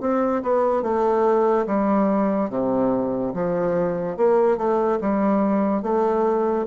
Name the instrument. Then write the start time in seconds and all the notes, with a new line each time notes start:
bassoon
0.00 C4
0.42 B3
0.82 A3
1.66 G3
2.50 C3
3.34 F3
4.17 A#3
4.57 A3
5.01 G3
5.82 A3